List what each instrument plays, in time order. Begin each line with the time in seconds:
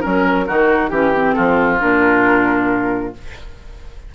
0.00 bassoon F#3, clarinet C#4, oboe A#4, flute A#4
0.46 bassoon D#3, clarinet D#4, oboe F#4
0.88 bassoon E3, clarinet C#4, flute G4, oboe G4
1.14 clarinet C4
1.33 bassoon F3, oboe F4, flute A4
1.80 bassoon A#2, clarinet D4, flute A#4